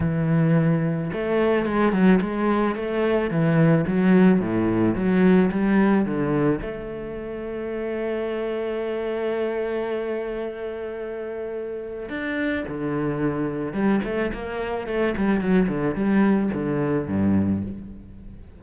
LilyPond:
\new Staff \with { instrumentName = "cello" } { \time 4/4 \tempo 4 = 109 e2 a4 gis8 fis8 | gis4 a4 e4 fis4 | a,4 fis4 g4 d4 | a1~ |
a1~ | a2 d'4 d4~ | d4 g8 a8 ais4 a8 g8 | fis8 d8 g4 d4 g,4 | }